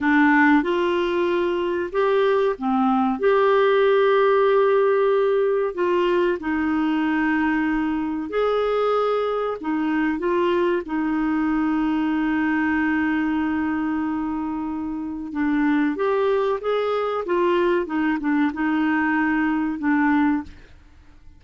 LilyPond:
\new Staff \with { instrumentName = "clarinet" } { \time 4/4 \tempo 4 = 94 d'4 f'2 g'4 | c'4 g'2.~ | g'4 f'4 dis'2~ | dis'4 gis'2 dis'4 |
f'4 dis'2.~ | dis'1 | d'4 g'4 gis'4 f'4 | dis'8 d'8 dis'2 d'4 | }